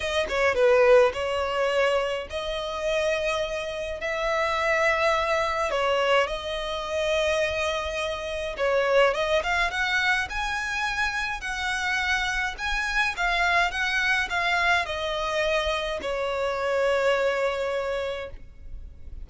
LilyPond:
\new Staff \with { instrumentName = "violin" } { \time 4/4 \tempo 4 = 105 dis''8 cis''8 b'4 cis''2 | dis''2. e''4~ | e''2 cis''4 dis''4~ | dis''2. cis''4 |
dis''8 f''8 fis''4 gis''2 | fis''2 gis''4 f''4 | fis''4 f''4 dis''2 | cis''1 | }